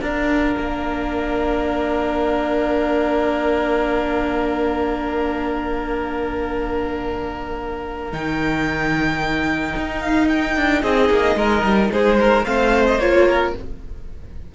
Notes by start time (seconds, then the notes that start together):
0.00 D4 A#4 F5
0.58 A#3
8.11 D#3 D#4 G5
9.76 D#4
10.01 F5
10.28 G5
10.56 D4
10.82 C4 G#4 D#5
11.10 A#3
11.35 G#3 A#4
11.62 G3
11.92 G#3 G#4 C5
12.19 A#4
12.45 A3 C4 C5 F5
12.86 D#5
12.99 A#3 F4 C#5
13.28 A#4